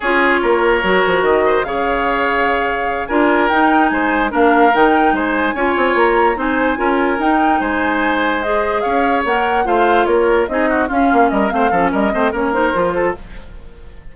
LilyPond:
<<
  \new Staff \with { instrumentName = "flute" } { \time 4/4 \tempo 4 = 146 cis''2. dis''4 | f''2.~ f''8 gis''8~ | gis''8 g''4 gis''4 f''4 g''8~ | g''8 gis''2 ais''4 gis''8~ |
gis''4. g''4 gis''4.~ | gis''8 dis''4 f''4 fis''4 f''8~ | f''8 cis''4 dis''4 f''4 dis''8 | f''4 dis''4 cis''8 c''4. | }
  \new Staff \with { instrumentName = "oboe" } { \time 4/4 gis'4 ais'2~ ais'8 c''8 | cis''2.~ cis''8 ais'8~ | ais'4. c''4 ais'4.~ | ais'8 c''4 cis''2 c''8~ |
c''8 ais'2 c''4.~ | c''4. cis''2 c''8~ | c''8 ais'4 gis'8 fis'8 f'4 ais'8 | c''8 a'8 ais'8 c''8 ais'4. a'8 | }
  \new Staff \with { instrumentName = "clarinet" } { \time 4/4 f'2 fis'2 | gis'2.~ gis'8 f'8~ | f'8 dis'2 d'4 dis'8~ | dis'4. f'2 dis'8~ |
dis'8 f'4 dis'2~ dis'8~ | dis'8 gis'2 ais'4 f'8~ | f'4. dis'4 cis'4. | c'8 cis'4 c'8 cis'8 dis'8 f'4 | }
  \new Staff \with { instrumentName = "bassoon" } { \time 4/4 cis'4 ais4 fis8 f8 dis4 | cis2.~ cis8 d'8~ | d'8 dis'4 gis4 ais4 dis8~ | dis8 gis4 cis'8 c'8 ais4 c'8~ |
c'8 cis'4 dis'4 gis4.~ | gis4. cis'4 ais4 a8~ | a8 ais4 c'4 cis'8 ais8 g8 | a8 f8 g8 a8 ais4 f4 | }
>>